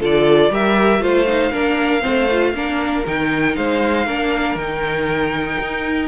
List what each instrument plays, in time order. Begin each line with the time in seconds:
0.00 cello D3, viola F4, violin A4 D5
0.49 cello G3, viola G4, violin A#4 E5
1.00 cello A3, viola F4, violin C5 F5
1.27 viola D#4
1.52 cello A#3, viola D4, violin A#4
2.01 cello A3, viola C4, violin C5
2.31 viola F4
2.53 cello A#3, viola D4, violin A#4
3.06 cello D#3, viola D#4, violin G5
3.56 cello G#3, violin C5 F5
4.06 cello A#3, viola D4, violin A#4
4.55 cello D#3, viola D#4, violin G5
5.59 cello D#4